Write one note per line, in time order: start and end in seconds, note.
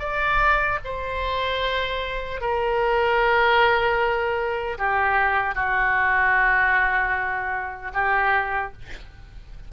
0.00 0.79 D5
0.85 2.41 C5
2.41 4.78 A#4
4.78 5.55 G4
5.55 7.92 F#4
7.94 8.73 G4